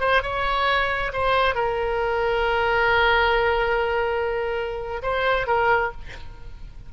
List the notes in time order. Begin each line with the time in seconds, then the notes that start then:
0.00 C5
0.23 C#5
1.13 C5
1.55 A#4
5.03 C5
5.47 A#4